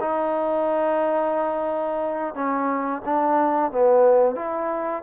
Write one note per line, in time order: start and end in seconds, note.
0.00 2.34 D#4
2.34 3.02 C#4
3.05 3.71 D4
3.71 4.35 B3
4.35 5.02 E4